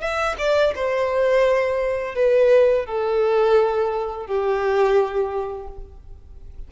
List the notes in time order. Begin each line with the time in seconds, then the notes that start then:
0.00 E5
0.38 D5
0.75 C5
2.15 B4
2.86 A4
4.26 G4